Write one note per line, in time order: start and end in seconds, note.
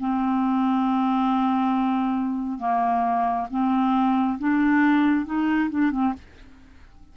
0.00 2.59 C4
2.59 3.47 A#3
3.51 4.39 C4
4.39 5.26 D4
5.26 5.70 D#4
5.70 5.92 D4
5.92 6.14 C4